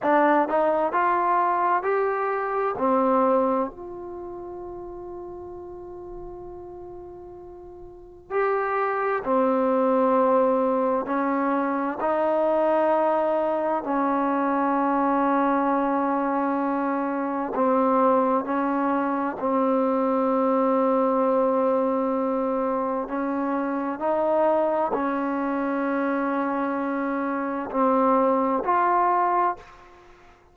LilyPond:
\new Staff \with { instrumentName = "trombone" } { \time 4/4 \tempo 4 = 65 d'8 dis'8 f'4 g'4 c'4 | f'1~ | f'4 g'4 c'2 | cis'4 dis'2 cis'4~ |
cis'2. c'4 | cis'4 c'2.~ | c'4 cis'4 dis'4 cis'4~ | cis'2 c'4 f'4 | }